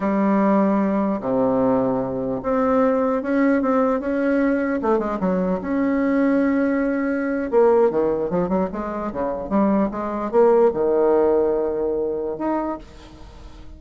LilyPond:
\new Staff \with { instrumentName = "bassoon" } { \time 4/4 \tempo 4 = 150 g2. c4~ | c2 c'2 | cis'4 c'4 cis'2 | a8 gis8 fis4 cis'2~ |
cis'2~ cis'8. ais4 dis16~ | dis8. f8 fis8 gis4 cis4 g16~ | g8. gis4 ais4 dis4~ dis16~ | dis2. dis'4 | }